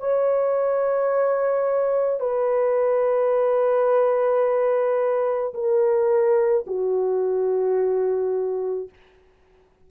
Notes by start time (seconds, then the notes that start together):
0.00 C#5
2.21 B4
5.55 A#4
6.67 F#4